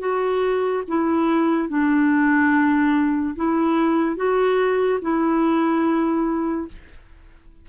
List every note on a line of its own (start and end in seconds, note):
0.00 0.83 F#4
0.88 1.69 E4
1.69 3.36 D4
3.36 4.17 E4
4.17 5.00 F#4
5.02 6.69 E4